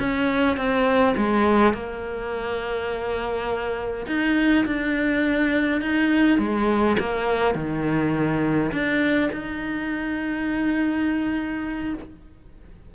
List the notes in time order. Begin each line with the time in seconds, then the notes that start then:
0.00 C#4
0.57 C4
1.17 G#3
1.74 A#3
4.07 D#4
4.66 D4
5.81 D#4
6.39 G#3
7.00 A#3
7.55 D#3
8.72 D4
9.33 D#4